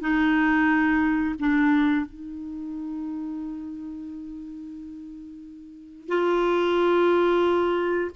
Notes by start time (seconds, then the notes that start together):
0.00 D#4
1.39 D4
2.06 D#4
6.08 F4